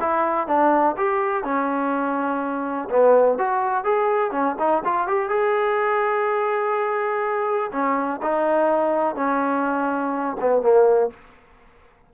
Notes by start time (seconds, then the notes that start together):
0.00 E4
0.47 D4
0.97 G4
1.43 C#4
2.90 B3
3.38 F#4
3.84 G#4
4.31 C#4
4.59 D#4
4.84 F4
5.07 G4
5.29 G#4
7.72 C#4
8.22 D#4
9.15 C#4
10.40 B3
10.62 A#3